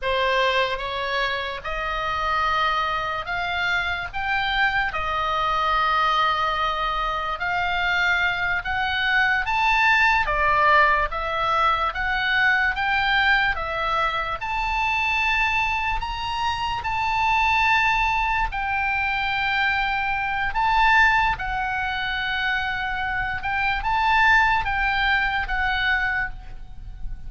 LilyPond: \new Staff \with { instrumentName = "oboe" } { \time 4/4 \tempo 4 = 73 c''4 cis''4 dis''2 | f''4 g''4 dis''2~ | dis''4 f''4. fis''4 a''8~ | a''8 d''4 e''4 fis''4 g''8~ |
g''8 e''4 a''2 ais''8~ | ais''8 a''2 g''4.~ | g''4 a''4 fis''2~ | fis''8 g''8 a''4 g''4 fis''4 | }